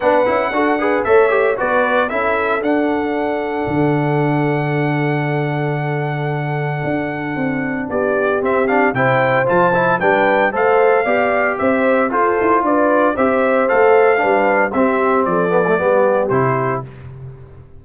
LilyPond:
<<
  \new Staff \with { instrumentName = "trumpet" } { \time 4/4 \tempo 4 = 114 fis''2 e''4 d''4 | e''4 fis''2.~ | fis''1~ | fis''2. d''4 |
e''8 f''8 g''4 a''4 g''4 | f''2 e''4 c''4 | d''4 e''4 f''2 | e''4 d''2 c''4 | }
  \new Staff \with { instrumentName = "horn" } { \time 4/4 b'4 a'8 b'8 cis''4 b'4 | a'1~ | a'1~ | a'2. g'4~ |
g'4 c''2 b'4 | c''4 d''4 c''4 a'4 | b'4 c''2 b'4 | g'4 a'4 g'2 | }
  \new Staff \with { instrumentName = "trombone" } { \time 4/4 d'8 e'8 fis'8 gis'8 a'8 g'8 fis'4 | e'4 d'2.~ | d'1~ | d'1 |
c'8 d'8 e'4 f'8 e'8 d'4 | a'4 g'2 f'4~ | f'4 g'4 a'4 d'4 | c'4. b16 a16 b4 e'4 | }
  \new Staff \with { instrumentName = "tuba" } { \time 4/4 b8 cis'8 d'4 a4 b4 | cis'4 d'2 d4~ | d1~ | d4 d'4 c'4 b4 |
c'4 c4 f4 g4 | a4 b4 c'4 f'8 e'8 | d'4 c'4 a4 g4 | c'4 f4 g4 c4 | }
>>